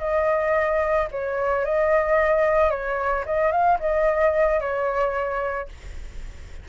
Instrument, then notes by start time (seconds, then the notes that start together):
flute
0.00 D#5
1.12 C#5
1.65 D#5
2.71 C#5
3.26 D#5
3.52 F5
3.80 D#5
4.61 C#5